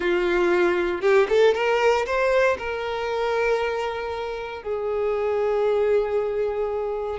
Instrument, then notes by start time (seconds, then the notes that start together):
violin
0.00 F4
1.01 G4
1.28 A4
1.54 A#4
2.05 C5
2.58 A#4
4.62 G#4